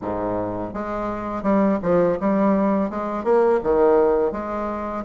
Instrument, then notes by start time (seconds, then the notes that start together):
bassoon
0.01 G#2
0.73 G#3
1.42 G3
1.82 F3
2.20 G3
2.89 G#3
3.23 A#3
3.63 D#3
4.32 G#3